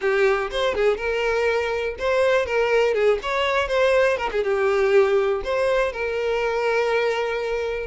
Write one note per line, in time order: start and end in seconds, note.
0.01 0.50 G4
0.50 0.74 C5
0.74 0.97 G#4
0.97 1.95 A#4
1.98 2.46 C5
2.46 2.94 A#4
2.94 3.18 G#4
3.22 3.68 C#5
3.68 4.17 C5
4.17 4.29 A#4
4.31 4.43 G#4
4.43 5.41 G4
5.44 5.92 C5
5.92 7.86 A#4